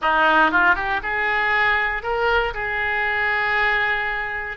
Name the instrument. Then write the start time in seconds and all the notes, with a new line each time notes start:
oboe
0.01 D#4
0.51 F4
0.75 G4
1.02 G#4
2.02 A#4
2.54 G#4